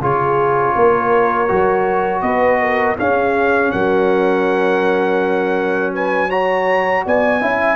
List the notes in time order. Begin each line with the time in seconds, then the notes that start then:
0.00 C#3 F4 G#4 C#5
0.75 A#3 A#4
1.48 F#3 F#4
2.21 B3 B4 D#5
2.61 A#4
2.97 C#4 G#4 F5
3.71 F#3 A#4 F#5
5.94 B4 G#5
6.29 F#4 C#5 A#5
7.05 B3 D5 G#5
7.41 C#4 E4 E5